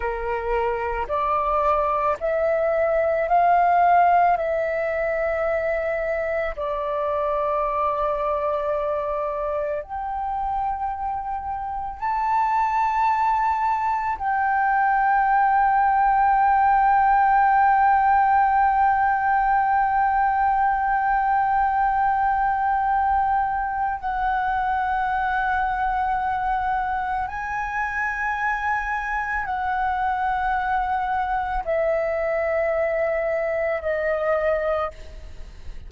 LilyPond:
\new Staff \with { instrumentName = "flute" } { \time 4/4 \tempo 4 = 55 ais'4 d''4 e''4 f''4 | e''2 d''2~ | d''4 g''2 a''4~ | a''4 g''2.~ |
g''1~ | g''2 fis''2~ | fis''4 gis''2 fis''4~ | fis''4 e''2 dis''4 | }